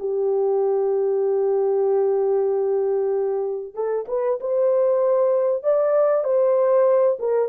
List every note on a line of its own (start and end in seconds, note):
0.00 3.75 G4
3.75 4.06 A4
4.08 4.39 B4
4.41 5.64 C5
5.64 6.24 D5
6.24 7.18 C5
7.20 7.49 A#4